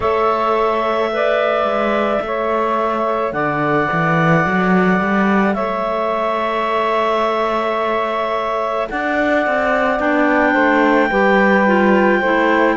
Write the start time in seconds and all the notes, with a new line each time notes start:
0.00 A3 A4 C#5 E5
1.12 B4 D5
1.63 G#3
2.21 A3 A4 C#5
3.32 D3 D5 F#5
3.92 E3
4.45 F#3
5.00 G3
5.54 A3 C#5 E5
8.89 D4 D5 F#5
9.46 C4
9.98 B3 D4 G5
10.52 A3 C5
11.09 G3 G4 B4
11.67 F4
12.19 A3 E4 C5